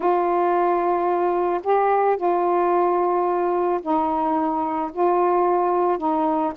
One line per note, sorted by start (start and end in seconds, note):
0.00 1.61 F4
1.63 2.16 G4
2.16 3.80 F4
3.82 4.91 D#4
4.92 5.98 F4
5.98 6.52 D#4